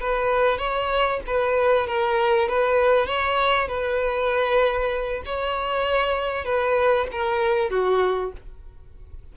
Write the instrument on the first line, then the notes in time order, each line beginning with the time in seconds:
violin
0.00 B4
0.58 C#5
1.27 B4
1.87 A#4
2.49 B4
3.07 C#5
3.68 B4
5.25 C#5
6.45 B4
7.12 A#4
7.70 F#4